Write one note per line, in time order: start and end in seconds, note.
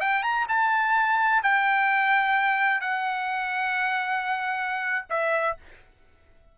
0.00 0.23 G5
0.23 0.46 A#5
0.48 1.43 A5
1.43 2.81 G5
2.81 5.05 F#5
5.09 5.56 E5